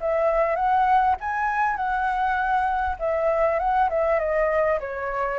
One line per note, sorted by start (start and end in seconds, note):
0.00 0.55 E5
0.55 1.15 F#5
1.20 1.76 G#5
1.76 2.96 F#5
2.99 3.59 E5
3.59 3.89 F#5
3.89 4.19 E5
4.19 4.79 D#5
4.80 5.39 C#5